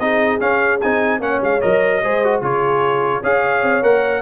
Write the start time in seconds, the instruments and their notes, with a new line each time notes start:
0.00 tuba C4, trombone D#4, horn G#4, trumpet D#5
0.40 trombone C#4, tuba C#4, trumpet F5
0.81 tuba C4, trombone D#4, trumpet G#5
1.21 tuba A#3, trombone C#4, horn C#5, trumpet F#5
1.42 tuba G#3, trumpet F5
1.61 tuba F#3, trombone A#4, trumpet D#5
2.03 tuba G#3, trombone G#4, horn C5
2.24 trombone F#4
2.41 tuba C#3, trombone F4, horn G#4, trumpet C#5
3.22 tuba C#4, trombone G#4, horn C#5, trumpet F5
3.62 tuba C4
3.83 tuba A#3, trombone A#4, trumpet F#5